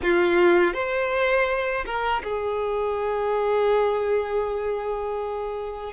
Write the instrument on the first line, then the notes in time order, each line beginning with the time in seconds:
violin
0.02 F4
0.73 C5
1.85 A#4
2.23 G#4